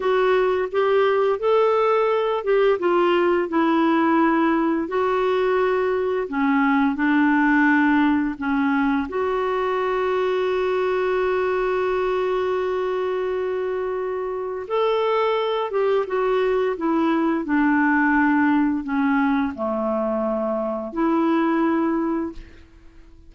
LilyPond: \new Staff \with { instrumentName = "clarinet" } { \time 4/4 \tempo 4 = 86 fis'4 g'4 a'4. g'8 | f'4 e'2 fis'4~ | fis'4 cis'4 d'2 | cis'4 fis'2.~ |
fis'1~ | fis'4 a'4. g'8 fis'4 | e'4 d'2 cis'4 | a2 e'2 | }